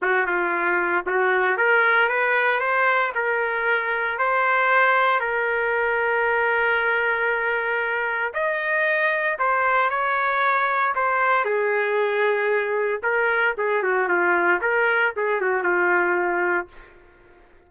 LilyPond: \new Staff \with { instrumentName = "trumpet" } { \time 4/4 \tempo 4 = 115 fis'8 f'4. fis'4 ais'4 | b'4 c''4 ais'2 | c''2 ais'2~ | ais'1 |
dis''2 c''4 cis''4~ | cis''4 c''4 gis'2~ | gis'4 ais'4 gis'8 fis'8 f'4 | ais'4 gis'8 fis'8 f'2 | }